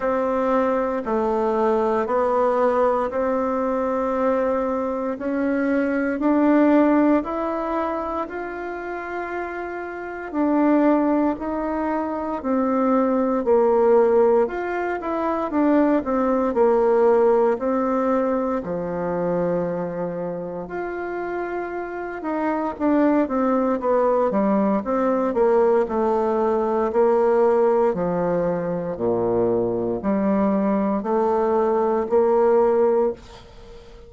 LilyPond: \new Staff \with { instrumentName = "bassoon" } { \time 4/4 \tempo 4 = 58 c'4 a4 b4 c'4~ | c'4 cis'4 d'4 e'4 | f'2 d'4 dis'4 | c'4 ais4 f'8 e'8 d'8 c'8 |
ais4 c'4 f2 | f'4. dis'8 d'8 c'8 b8 g8 | c'8 ais8 a4 ais4 f4 | ais,4 g4 a4 ais4 | }